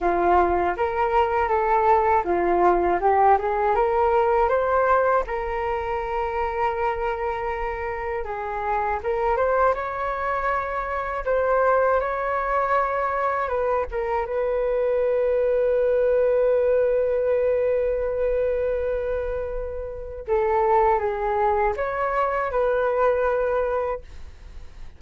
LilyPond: \new Staff \with { instrumentName = "flute" } { \time 4/4 \tempo 4 = 80 f'4 ais'4 a'4 f'4 | g'8 gis'8 ais'4 c''4 ais'4~ | ais'2. gis'4 | ais'8 c''8 cis''2 c''4 |
cis''2 b'8 ais'8 b'4~ | b'1~ | b'2. a'4 | gis'4 cis''4 b'2 | }